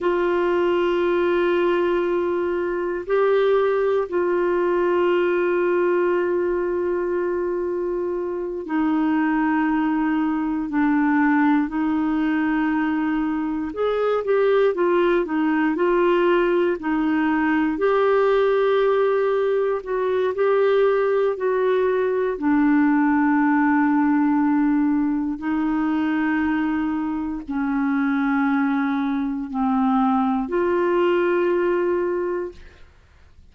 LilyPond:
\new Staff \with { instrumentName = "clarinet" } { \time 4/4 \tempo 4 = 59 f'2. g'4 | f'1~ | f'8 dis'2 d'4 dis'8~ | dis'4. gis'8 g'8 f'8 dis'8 f'8~ |
f'8 dis'4 g'2 fis'8 | g'4 fis'4 d'2~ | d'4 dis'2 cis'4~ | cis'4 c'4 f'2 | }